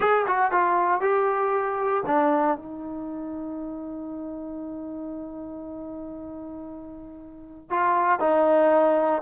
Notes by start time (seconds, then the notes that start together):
0.00 G#4
0.27 F#4
0.51 F4
1.00 G4
2.05 D4
2.57 D#4
7.69 F4
8.19 D#4